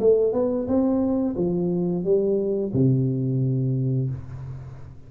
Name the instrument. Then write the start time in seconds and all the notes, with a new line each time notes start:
tuba
0.00 A3
0.33 B3
0.68 C4
1.36 F3
2.04 G3
2.74 C3